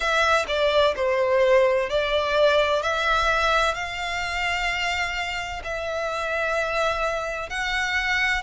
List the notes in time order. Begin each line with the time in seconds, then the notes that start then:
0.00 E5
0.47 D5
0.96 C5
1.89 D5
2.82 E5
3.74 F5
5.63 E5
7.49 F#5